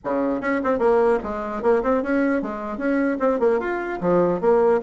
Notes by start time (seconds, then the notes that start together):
0.04 C#3
0.40 C#4
0.63 C4
0.78 A#3
1.23 G#3
1.62 A#3
1.82 C4
2.02 C#4
2.42 G#3
2.77 C#4
3.19 C4
3.39 A#3
3.59 F4
4.01 F3
4.40 A#3